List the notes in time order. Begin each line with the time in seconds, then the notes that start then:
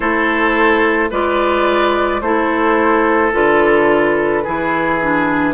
0.00 A3 E4 A4 C5
1.10 G#3 F4 B4 D5
2.21 A3 E4 A4 C5
3.32 D3 F4 B4
4.43 E3 E4 G#4
5.01 D4